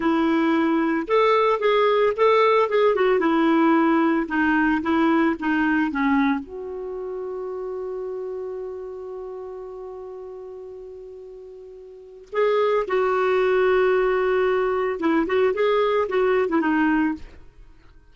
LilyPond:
\new Staff \with { instrumentName = "clarinet" } { \time 4/4 \tempo 4 = 112 e'2 a'4 gis'4 | a'4 gis'8 fis'8 e'2 | dis'4 e'4 dis'4 cis'4 | fis'1~ |
fis'1~ | fis'2. gis'4 | fis'1 | e'8 fis'8 gis'4 fis'8. e'16 dis'4 | }